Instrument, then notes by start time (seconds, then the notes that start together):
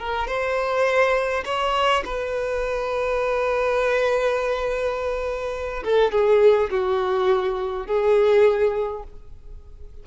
violin
0.00 A#4
0.28 C5
1.46 C#5
2.05 B4
5.85 A4
6.12 G#4
6.71 F#4
7.87 G#4